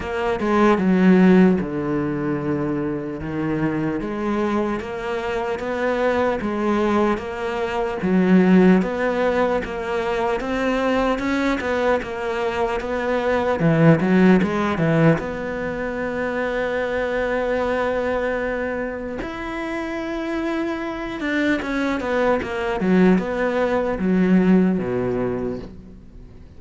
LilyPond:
\new Staff \with { instrumentName = "cello" } { \time 4/4 \tempo 4 = 75 ais8 gis8 fis4 d2 | dis4 gis4 ais4 b4 | gis4 ais4 fis4 b4 | ais4 c'4 cis'8 b8 ais4 |
b4 e8 fis8 gis8 e8 b4~ | b1 | e'2~ e'8 d'8 cis'8 b8 | ais8 fis8 b4 fis4 b,4 | }